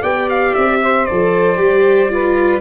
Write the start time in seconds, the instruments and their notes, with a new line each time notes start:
0.00 tuba B3, viola G4, saxophone D5, trumpet G5
0.29 trumpet F5
0.54 tuba C4, trumpet E5
0.83 saxophone C5
1.05 tuba F3, viola A4, trumpet D5
1.56 tuba G3, viola G4
2.09 viola F4, saxophone B4